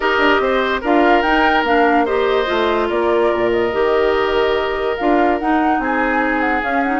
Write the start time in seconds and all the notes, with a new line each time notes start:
0.00 D#4 G4 A#4 D#5
0.18 D4
0.39 C4 C5
0.81 D4 F4 A#4 F5
1.22 D#4 G5
1.63 A#3 D4 F5
2.05 G4 C5 D#5
2.45 A3 F4
2.88 A#3 A#4 D5
3.33 A#2
3.51 D#5
3.72 D#3 G4
4.96 D4 F4 F5
5.39 D#4 F#5
5.79 C4 G#4 G#5
6.40 F#5
6.61 C#4 F5
6.83 D#4 F#5